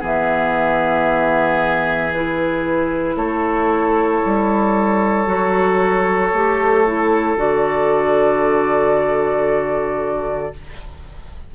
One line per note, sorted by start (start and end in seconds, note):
0.00 3.16 E3
0.00 2.11 B3
0.00 3.16 G#4
0.00 2.13 E5
2.13 5.27 E4
2.13 3.17 B4
3.16 4.22 A3
3.16 10.54 A4
3.16 7.38 C#5
4.26 5.27 G3
5.27 6.32 F#3
5.27 6.32 F#4
6.33 7.36 A3
6.33 6.87 G4
6.87 7.37 E4
7.36 10.52 D3
7.36 10.53 F#4
7.36 10.55 D5